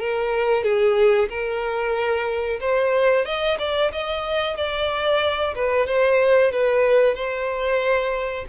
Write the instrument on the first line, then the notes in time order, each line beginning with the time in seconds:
violin
0.00 A#4
0.64 G#4
1.30 A#4
2.61 C5
3.25 D#5
3.59 D5
3.92 D#5
4.57 D5
5.56 B4
5.87 C5
6.52 B4
7.15 C5